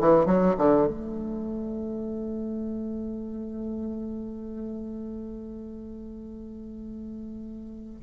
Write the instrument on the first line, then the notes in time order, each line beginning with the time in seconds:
bassoon
0.00 E3
0.26 F#3
0.58 D3
0.87 A3